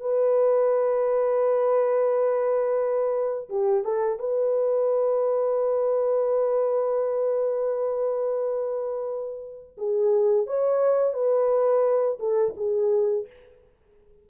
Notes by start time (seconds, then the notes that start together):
0.00 B4
3.49 G4
3.84 A4
4.19 B4
9.77 G#4
10.47 C#5
11.13 B4
12.19 A4
12.56 G#4